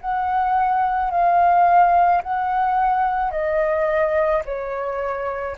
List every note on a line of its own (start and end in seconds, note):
0.00 1.11 F#5
1.11 2.22 F5
2.22 3.31 F#5
3.31 4.42 D#5
4.45 5.56 C#5